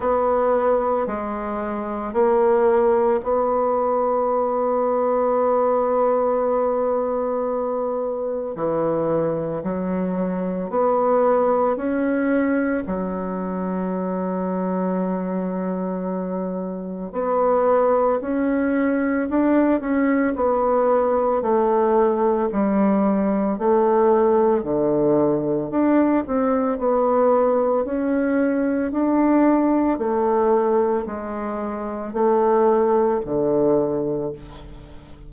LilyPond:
\new Staff \with { instrumentName = "bassoon" } { \time 4/4 \tempo 4 = 56 b4 gis4 ais4 b4~ | b1 | e4 fis4 b4 cis'4 | fis1 |
b4 cis'4 d'8 cis'8 b4 | a4 g4 a4 d4 | d'8 c'8 b4 cis'4 d'4 | a4 gis4 a4 d4 | }